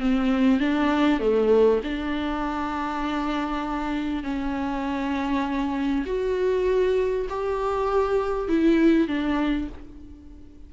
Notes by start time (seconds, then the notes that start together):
0.00 C4
0.60 D4
1.20 A3
1.83 D4
4.23 C#4
6.06 F#4
7.29 G4
8.48 E4
9.07 D4